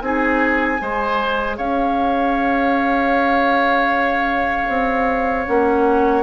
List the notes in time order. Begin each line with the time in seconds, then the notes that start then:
0.00 C4 D#4 G#4 G#5
0.78 G#3 G#4 C5
1.57 C#4 C#5 F5
4.68 C4
5.46 A#3 C#4 F#5